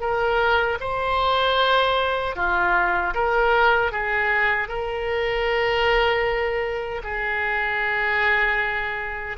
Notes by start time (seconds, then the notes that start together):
0.00 A#4
0.80 C5
2.36 F4
3.14 A#4
3.91 G#4
4.68 A#4
7.03 G#4